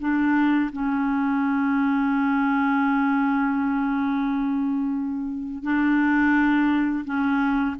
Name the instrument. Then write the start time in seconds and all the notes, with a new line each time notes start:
clarinet
0.00 D4
0.73 C#4
5.63 D4
7.05 C#4